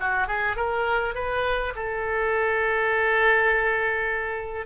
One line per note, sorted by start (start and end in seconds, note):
0.00 0.27 F#4
0.27 0.56 G#4
0.56 1.14 A#4
1.14 1.73 B4
1.75 4.66 A4